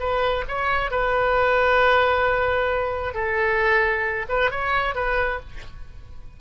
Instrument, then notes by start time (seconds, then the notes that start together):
oboe
0.00 B4
0.48 C#5
0.91 B4
3.14 A4
4.29 B4
4.51 C#5
4.95 B4